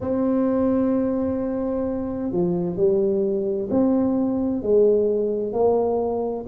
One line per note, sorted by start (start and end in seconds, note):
0.00 2.31 C4
2.31 2.76 F3
2.76 3.68 G3
3.70 4.62 C4
4.62 5.52 G#3
5.52 6.44 A#3